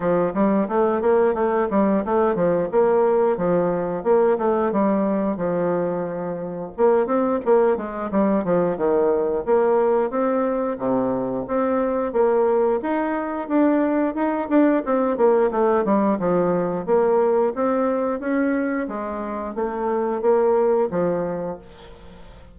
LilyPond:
\new Staff \with { instrumentName = "bassoon" } { \time 4/4 \tempo 4 = 89 f8 g8 a8 ais8 a8 g8 a8 f8 | ais4 f4 ais8 a8 g4 | f2 ais8 c'8 ais8 gis8 | g8 f8 dis4 ais4 c'4 |
c4 c'4 ais4 dis'4 | d'4 dis'8 d'8 c'8 ais8 a8 g8 | f4 ais4 c'4 cis'4 | gis4 a4 ais4 f4 | }